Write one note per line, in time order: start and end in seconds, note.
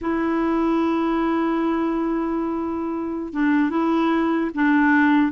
0.01 3.33 E4
3.33 3.70 D4
3.70 4.50 E4
4.54 5.32 D4